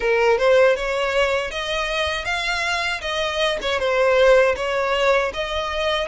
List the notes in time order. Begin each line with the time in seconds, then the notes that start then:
0.00 A#4
0.38 C5
0.76 C#5
1.50 D#5
2.24 F5
3.01 D#5
3.61 C#5
3.79 C5
4.56 C#5
5.33 D#5